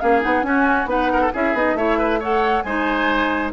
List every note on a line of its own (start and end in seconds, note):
0.00 0.25 A#3
0.00 0.21 C#4
0.00 0.46 G#4
0.00 0.22 F5
0.21 0.44 B3
0.21 0.43 D#4
0.21 0.44 F#5
0.43 0.87 C#4
0.43 0.86 C#4
0.43 0.90 F#4
0.43 0.88 G#5
0.86 1.30 B3
0.86 1.31 D#4
0.86 1.12 B4
0.86 1.34 F#5
1.13 1.21 A#4
1.21 1.32 A4
1.33 1.54 C#4
1.33 1.55 E4
1.33 1.77 G#4
1.33 1.57 E5
1.54 1.74 B3
1.54 1.77 D#4
1.54 1.77 D#5
1.74 2.63 A3
1.74 2.22 E4
1.74 1.98 C#5
1.74 2.21 E5
1.98 2.20 B4
2.20 2.66 A4
2.20 2.64 C#5
2.20 2.63 F#5
2.63 3.53 G#3
2.63 3.53 D#4
2.63 3.53 C5
2.63 3.51 G#5